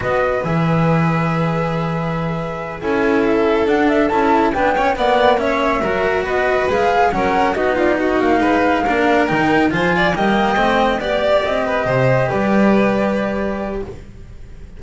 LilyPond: <<
  \new Staff \with { instrumentName = "flute" } { \time 4/4 \tempo 4 = 139 dis''4 e''2.~ | e''2~ e''8 gis''4 e''8~ | e''8 fis''8 e''8 a''4 g''4 fis''8~ | fis''8 e''2 dis''4 f''8~ |
f''8 fis''4 dis''8 d''8 dis''8 f''4~ | f''4. g''4 gis''4 g''8~ | g''4. d''4 dis''4.~ | dis''8 d''2.~ d''8 | }
  \new Staff \with { instrumentName = "violin" } { \time 4/4 b'1~ | b'2~ b'8 a'4.~ | a'2~ a'8 b'8 cis''8 d''8~ | d''8 cis''4 ais'4 b'4.~ |
b'8 ais'4 fis'8 f'8 fis'4 b'8~ | b'8 ais'2 c''8 d''8 dis''8~ | dis''4. d''4. b'8 c''8~ | c''8 b'2.~ b'8 | }
  \new Staff \with { instrumentName = "cello" } { \time 4/4 fis'4 gis'2.~ | gis'2~ gis'8 e'4.~ | e'8 d'4 e'4 d'8 cis'8 b8~ | b8 cis'4 fis'2 gis'8~ |
gis'8 cis'4 dis'2~ dis'8~ | dis'8 d'4 dis'4 f'4 ais8~ | ais8 c'4 g'2~ g'8~ | g'1 | }
  \new Staff \with { instrumentName = "double bass" } { \time 4/4 b4 e2.~ | e2~ e8 cis'4.~ | cis'8 d'4 cis'4 b4 ais8~ | ais4. fis4 b4 gis8~ |
gis8 fis4 b4. ais8 gis8~ | gis8 ais4 dis4 f4 g8~ | g8 a4 b4 c'4 c8~ | c8 g2.~ g8 | }
>>